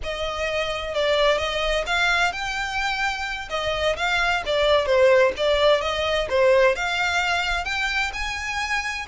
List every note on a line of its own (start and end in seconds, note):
0.03 0.94 D#5
0.94 1.38 D5
1.38 1.84 D#5
1.86 2.32 F5
2.32 3.48 G5
3.49 3.96 D#5
3.96 4.42 F5
4.45 4.85 D5
4.85 5.32 C5
5.36 5.81 D5
5.81 6.27 D#5
6.29 6.75 C5
6.75 7.64 F5
7.64 8.11 G5
8.13 9.06 G#5